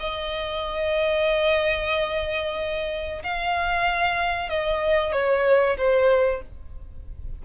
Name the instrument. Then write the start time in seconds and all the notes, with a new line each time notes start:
violin
0.00 D#5
3.23 F5
4.50 D#5
5.12 C#5
5.77 C5